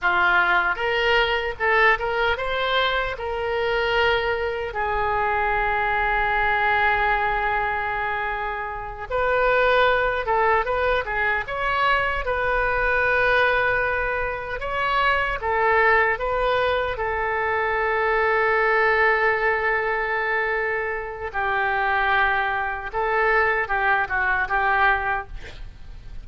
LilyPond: \new Staff \with { instrumentName = "oboe" } { \time 4/4 \tempo 4 = 76 f'4 ais'4 a'8 ais'8 c''4 | ais'2 gis'2~ | gis'2.~ gis'8 b'8~ | b'4 a'8 b'8 gis'8 cis''4 b'8~ |
b'2~ b'8 cis''4 a'8~ | a'8 b'4 a'2~ a'8~ | a'2. g'4~ | g'4 a'4 g'8 fis'8 g'4 | }